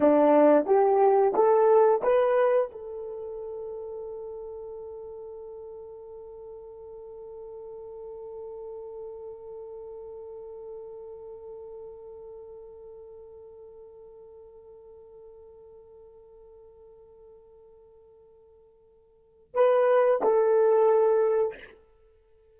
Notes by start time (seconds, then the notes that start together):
0.00 D4
0.66 G4
1.34 A4
2.02 B4
2.72 A4
19.54 B4
20.22 A4